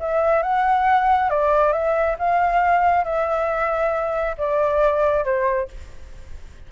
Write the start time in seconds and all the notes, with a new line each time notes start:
0.00 E5
0.43 F#5
1.30 D5
1.73 E5
2.19 F5
3.04 E5
4.38 D5
5.25 C5